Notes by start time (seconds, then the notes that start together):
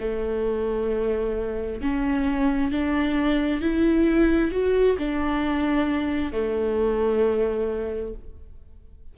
0.00 A3
1.82 C#4
2.71 D4
3.62 E4
4.52 F#4
4.99 D4
6.33 A3